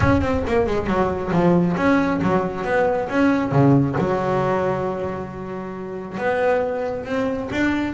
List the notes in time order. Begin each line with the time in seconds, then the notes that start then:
0.00 C#4
0.21 C4
0.47 A#3
0.66 G#3
0.87 F#3
1.32 F3
1.76 C#4
2.22 F#3
2.64 B3
3.08 C#4
3.51 C#3
3.98 F#3
6.18 B3
7.05 C4
7.51 D4